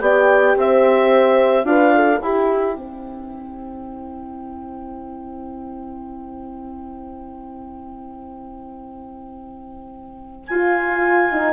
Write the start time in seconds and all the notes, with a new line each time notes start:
0.00 B3 G4 D5 G5
0.56 C4 C5 E5
1.64 D4 F4 B4 F5
1.95 A4
2.19 E4 G4 G5
2.76 C4 C5
10.46 F4 G#5
11.31 D#4